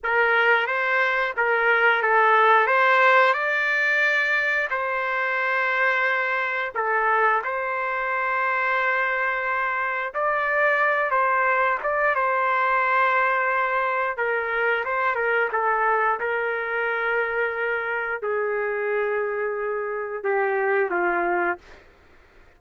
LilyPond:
\new Staff \with { instrumentName = "trumpet" } { \time 4/4 \tempo 4 = 89 ais'4 c''4 ais'4 a'4 | c''4 d''2 c''4~ | c''2 a'4 c''4~ | c''2. d''4~ |
d''8 c''4 d''8 c''2~ | c''4 ais'4 c''8 ais'8 a'4 | ais'2. gis'4~ | gis'2 g'4 f'4 | }